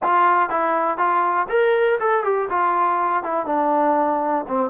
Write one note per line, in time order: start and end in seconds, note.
0.02 0.49 F4
0.49 0.97 E4
0.97 1.47 F4
1.49 1.98 A#4
1.99 2.23 A4
2.23 2.48 G4
2.49 3.23 F4
3.23 3.46 E4
3.46 4.45 D4
4.48 4.70 C4